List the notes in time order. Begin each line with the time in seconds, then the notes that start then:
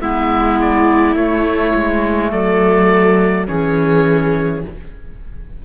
0.00 G#3 B3 E4 E5
0.61 D5
1.15 A3 C#5
1.75 G#3
2.31 F#3 A4 D5
3.47 E3 C#4 G#4 C#5